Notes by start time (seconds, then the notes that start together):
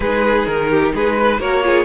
0.00 G#3 D#4 G#4 B4
0.46 D#3 A#4
0.70 G4
0.94 G#3 G#4 B4
1.19 B4
1.39 A#3 F#4 A#4 C#5
1.62 F4 G#4